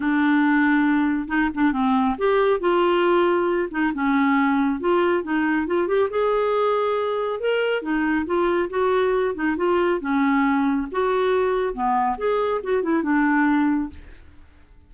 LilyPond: \new Staff \with { instrumentName = "clarinet" } { \time 4/4 \tempo 4 = 138 d'2. dis'8 d'8 | c'4 g'4 f'2~ | f'8 dis'8 cis'2 f'4 | dis'4 f'8 g'8 gis'2~ |
gis'4 ais'4 dis'4 f'4 | fis'4. dis'8 f'4 cis'4~ | cis'4 fis'2 b4 | gis'4 fis'8 e'8 d'2 | }